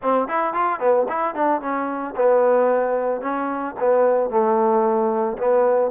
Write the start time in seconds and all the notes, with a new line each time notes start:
0.02 C4
0.28 E4
0.53 F4
0.79 B3
1.09 E4
1.34 D4
1.61 C#4
2.16 B3
3.21 C#4
3.79 B3
4.30 A3
5.38 B3